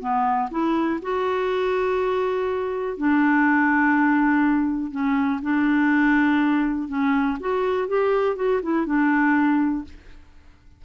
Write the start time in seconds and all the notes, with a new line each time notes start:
0.00 B3
0.51 E4
1.02 F#4
2.97 D4
4.91 C#4
5.42 D4
6.88 C#4
7.40 F#4
7.88 G4
8.36 F#4
8.62 E4
8.86 D4